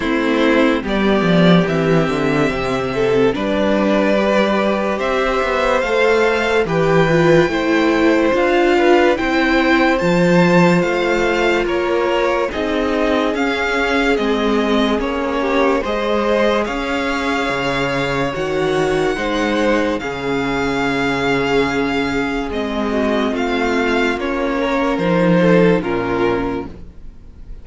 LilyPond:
<<
  \new Staff \with { instrumentName = "violin" } { \time 4/4 \tempo 4 = 72 c''4 d''4 e''2 | d''2 e''4 f''4 | g''2 f''4 g''4 | a''4 f''4 cis''4 dis''4 |
f''4 dis''4 cis''4 dis''4 | f''2 fis''2 | f''2. dis''4 | f''4 cis''4 c''4 ais'4 | }
  \new Staff \with { instrumentName = "violin" } { \time 4/4 e'4 g'2~ g'8 a'8 | b'2 c''2 | b'4 c''4. b'8 c''4~ | c''2 ais'4 gis'4~ |
gis'2~ gis'8 g'8 c''4 | cis''2. c''4 | gis'2.~ gis'8 fis'8 | f'4. ais'4 a'8 f'4 | }
  \new Staff \with { instrumentName = "viola" } { \time 4/4 c'4 b4 c'2 | d'4 g'2 a'4 | g'8 f'8 e'4 f'4 e'4 | f'2. dis'4 |
cis'4 c'4 cis'4 gis'4~ | gis'2 fis'4 dis'4 | cis'2. c'4~ | c'4 cis'4 dis'4 cis'4 | }
  \new Staff \with { instrumentName = "cello" } { \time 4/4 a4 g8 f8 e8 d8 c4 | g2 c'8 b8 a4 | e4 a4 d'4 c'4 | f4 a4 ais4 c'4 |
cis'4 gis4 ais4 gis4 | cis'4 cis4 dis4 gis4 | cis2. gis4 | a4 ais4 f4 ais,4 | }
>>